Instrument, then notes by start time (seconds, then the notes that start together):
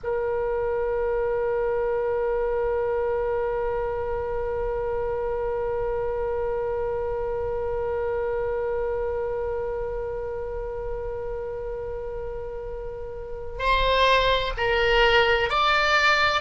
oboe
0.03 A#4
13.59 C5
14.57 A#4
15.49 D5